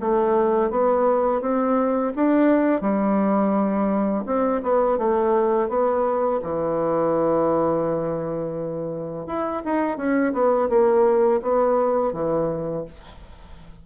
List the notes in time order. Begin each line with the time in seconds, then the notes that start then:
0.00 A3
0.70 B3
1.41 C4
2.16 D4
2.81 G3
4.26 C4
4.63 B3
4.98 A3
5.69 B3
6.43 E3
9.27 E4
9.65 D#4
9.97 C#4
10.33 B3
10.69 A#3
11.42 B3
12.13 E3